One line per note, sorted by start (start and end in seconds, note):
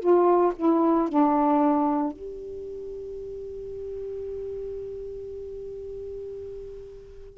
0.00 0.53 F4
0.56 1.09 E4
1.09 2.13 D4
2.13 7.38 G4